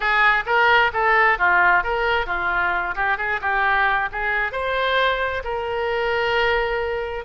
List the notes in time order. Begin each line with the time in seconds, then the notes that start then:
0.00 G#4
0.45 A#4
0.93 A4
1.38 F4
1.83 A#4
2.26 F4
2.95 G4
3.17 G#4
3.41 G4
4.11 G#4
4.51 C5
5.44 A#4